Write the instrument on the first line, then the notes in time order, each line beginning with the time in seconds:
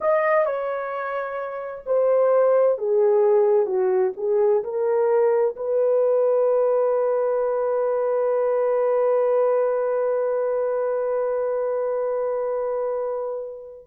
horn
0.00 D#5
0.45 C#5
1.85 C5
2.78 G#4
3.65 F#4
4.17 G#4
4.63 A#4
5.56 B4